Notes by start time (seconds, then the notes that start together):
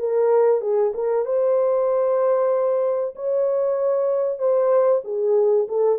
0.00 A#4
0.61 G#4
0.94 A#4
1.26 C5
3.16 C#5
4.39 C5
5.05 G#4
5.69 A4